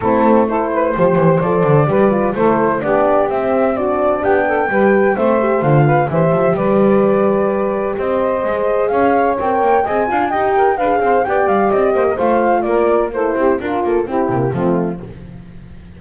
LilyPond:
<<
  \new Staff \with { instrumentName = "flute" } { \time 4/4 \tempo 4 = 128 a'4 c''2 d''4~ | d''4 c''4 d''4 e''4 | d''4 g''2 e''4 | f''4 e''4 d''2~ |
d''4 dis''2 f''4 | g''4 gis''4 g''4 f''4 | g''8 f''8 dis''4 f''4 d''4 | c''4 ais'8 a'8 g'4 f'4 | }
  \new Staff \with { instrumentName = "saxophone" } { \time 4/4 e'4 a'8 b'8 c''2 | b'4 a'4 g'2 | fis'4 g'8 a'8 b'4 c''4~ | c''8 b'8 c''4 b'2~ |
b'4 c''2 cis''4~ | cis''4 dis''8 f''8 dis''8 ais'8 b'8 c''8 | d''4. c''16 ais'16 c''4 ais'4 | a'8 g'8 f'4 e'4 c'4 | }
  \new Staff \with { instrumentName = "horn" } { \time 4/4 c'4 e'4 g'4 a'4 | g'8 f'8 e'4 d'4 c'4 | d'2 g'4 c'8 g'8 | f'4 g'2.~ |
g'2 gis'2 | ais'4 gis'8 f'8 g'4 gis'4 | g'2 f'2 | e'4 f'4 c'8 ais8 a4 | }
  \new Staff \with { instrumentName = "double bass" } { \time 4/4 a2 f8 e8 f8 d8 | g4 a4 b4 c'4~ | c'4 b4 g4 a4 | d4 e8 f8 g2~ |
g4 c'4 gis4 cis'4 | c'8 ais8 c'8 d'8 dis'4 d'8 c'8 | b8 g8 c'8 ais8 a4 ais4~ | ais8 c'8 d'8 ais8 c'8 c8 f4 | }
>>